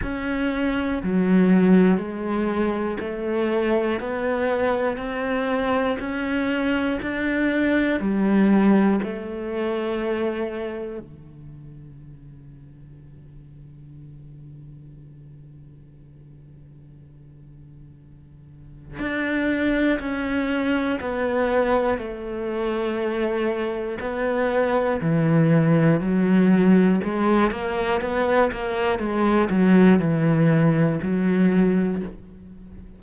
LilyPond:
\new Staff \with { instrumentName = "cello" } { \time 4/4 \tempo 4 = 60 cis'4 fis4 gis4 a4 | b4 c'4 cis'4 d'4 | g4 a2 d4~ | d1~ |
d2. d'4 | cis'4 b4 a2 | b4 e4 fis4 gis8 ais8 | b8 ais8 gis8 fis8 e4 fis4 | }